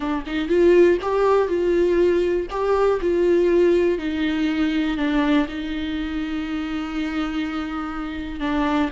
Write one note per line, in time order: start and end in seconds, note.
0.00 0.24 D4
0.26 0.48 D#4
0.48 0.98 F4
1.02 1.47 G4
1.47 2.47 F4
2.50 3.00 G4
3.01 3.98 F4
3.98 4.97 D#4
4.97 5.46 D4
5.48 8.40 D#4
8.40 8.89 D4